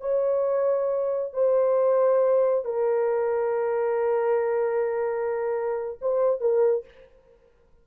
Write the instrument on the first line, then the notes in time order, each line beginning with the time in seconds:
horn
0.00 C#5
1.33 C5
2.64 A#4
6.01 C5
6.40 A#4